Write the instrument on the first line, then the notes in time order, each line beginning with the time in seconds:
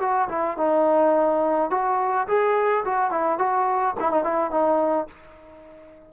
trombone
0.00 F#4
0.29 E4
0.57 D#4
1.70 F#4
2.27 G#4
2.85 F#4
3.11 E4
3.38 F#4
4.00 E4
4.11 D#4
4.24 E4
4.51 D#4